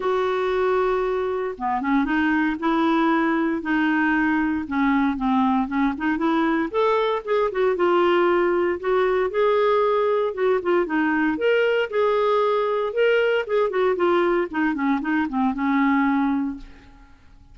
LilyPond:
\new Staff \with { instrumentName = "clarinet" } { \time 4/4 \tempo 4 = 116 fis'2. b8 cis'8 | dis'4 e'2 dis'4~ | dis'4 cis'4 c'4 cis'8 dis'8 | e'4 a'4 gis'8 fis'8 f'4~ |
f'4 fis'4 gis'2 | fis'8 f'8 dis'4 ais'4 gis'4~ | gis'4 ais'4 gis'8 fis'8 f'4 | dis'8 cis'8 dis'8 c'8 cis'2 | }